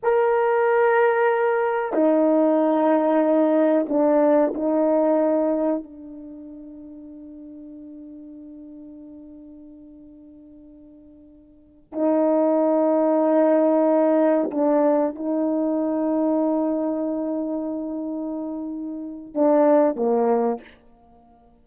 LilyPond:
\new Staff \with { instrumentName = "horn" } { \time 4/4 \tempo 4 = 93 ais'2. dis'4~ | dis'2 d'4 dis'4~ | dis'4 d'2.~ | d'1~ |
d'2~ d'8 dis'4.~ | dis'2~ dis'8 d'4 dis'8~ | dis'1~ | dis'2 d'4 ais4 | }